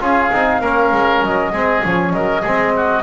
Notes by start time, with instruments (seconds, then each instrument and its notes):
0.00 double bass C#4, trombone F4, oboe G#4, flute F5
0.32 double bass C4, trombone D#4
0.61 double bass A#3, trombone C#4, oboe A#4
0.91 double bass G#3
1.22 double bass F#3, flute D#5
1.52 double bass G#3, trombone C4, oboe G#4
1.83 double bass F3, trombone C#4, flute C#5
2.13 double bass F#3, oboe A#4, flute D#5
2.42 double bass G#3, trombone C4, oboe G#4
2.76 oboe F#4